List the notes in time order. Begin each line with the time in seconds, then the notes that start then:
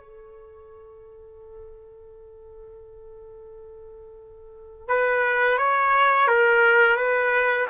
0.00 A4
4.88 B4
5.58 C#5
6.28 A#4
6.97 B4